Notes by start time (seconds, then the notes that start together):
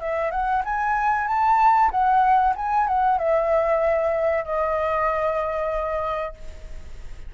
0.00 E5
0.31 F#5
0.64 G#5
1.27 A5
1.91 F#5
2.56 G#5
2.87 F#5
3.18 E5
4.44 D#5